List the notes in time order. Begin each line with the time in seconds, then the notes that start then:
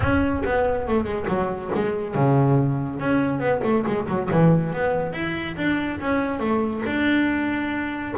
0.00 C#4
0.44 B3
0.87 A3
1.04 G#3
1.28 F#3
1.74 G#3
2.14 C#3
2.99 C#4
3.39 B3
3.63 A3
3.86 G#3
4.08 F#3
4.31 E3
4.72 B3
5.13 E4
5.57 D4
6.00 C#4
6.39 A3
6.86 D4